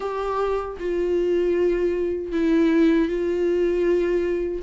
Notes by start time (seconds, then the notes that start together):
0.00 G4
0.79 F4
2.31 E4
3.08 F4